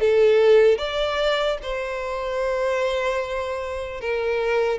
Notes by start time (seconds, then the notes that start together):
0.00 A4
0.78 D5
1.63 C5
4.01 A#4